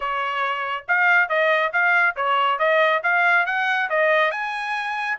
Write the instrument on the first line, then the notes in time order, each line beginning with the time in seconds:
trumpet
0.00 C#5
0.88 F5
1.28 D#5
1.72 F5
2.15 C#5
2.59 D#5
3.03 F5
3.46 F#5
3.89 D#5
4.31 G#5